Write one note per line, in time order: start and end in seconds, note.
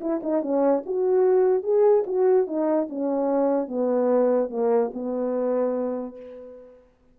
0.00 0.21 E4
0.22 0.42 D#4
0.42 0.83 C#4
0.85 1.63 F#4
1.63 2.04 G#4
2.06 2.46 F#4
2.46 2.87 D#4
2.89 3.67 C#4
3.67 4.49 B3
4.49 4.91 A#3
4.93 6.16 B3